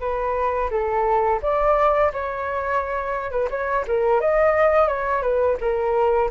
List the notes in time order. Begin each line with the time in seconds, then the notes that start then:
0.00 B4
0.70 A4
1.42 D5
2.13 C#5
3.31 B4
3.50 C#5
3.87 A#4
4.21 D#5
4.88 C#5
5.22 B4
5.60 A#4